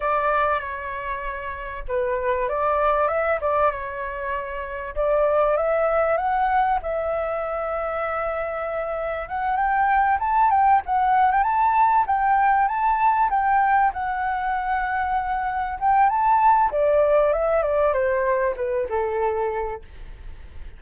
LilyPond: \new Staff \with { instrumentName = "flute" } { \time 4/4 \tempo 4 = 97 d''4 cis''2 b'4 | d''4 e''8 d''8 cis''2 | d''4 e''4 fis''4 e''4~ | e''2. fis''8 g''8~ |
g''8 a''8 g''8 fis''8. g''16 a''4 g''8~ | g''8 a''4 g''4 fis''4.~ | fis''4. g''8 a''4 d''4 | e''8 d''8 c''4 b'8 a'4. | }